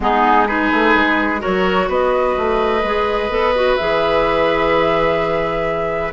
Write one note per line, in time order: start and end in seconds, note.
0.00 0.71 G#3
0.00 0.46 B3
0.00 0.48 D#4
0.00 0.46 G#4
0.46 1.39 D#4
0.46 1.41 G#4
0.46 1.41 B4
0.71 0.94 A3
0.94 1.42 G#3
1.39 2.80 F#4
1.39 1.88 A#4
1.39 1.89 C#5
1.46 1.88 F#3
1.88 2.35 B3
1.88 6.12 B4
1.88 3.76 D#5
2.37 2.83 A3
2.83 3.29 G#3
2.83 3.30 G#4
3.29 3.76 B3
3.29 3.54 A4
3.55 3.78 F#4
3.76 6.12 E3
3.76 6.12 G#4
3.76 6.12 E5